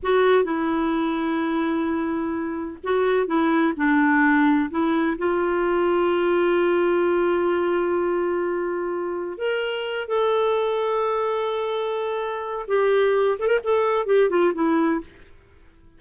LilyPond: \new Staff \with { instrumentName = "clarinet" } { \time 4/4 \tempo 4 = 128 fis'4 e'2.~ | e'2 fis'4 e'4 | d'2 e'4 f'4~ | f'1~ |
f'1 | ais'4. a'2~ a'8~ | a'2. g'4~ | g'8 a'16 ais'16 a'4 g'8 f'8 e'4 | }